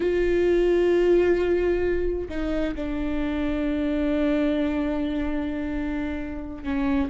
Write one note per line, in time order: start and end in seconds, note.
0.00 2.28 F4
2.28 2.74 D#4
2.75 6.63 D4
6.63 7.09 C#4